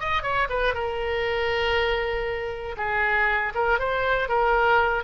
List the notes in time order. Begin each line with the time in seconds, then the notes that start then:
0.00 D#5
0.23 C#5
0.50 B4
0.74 A#4
2.77 G#4
3.55 A#4
3.79 C5
4.29 A#4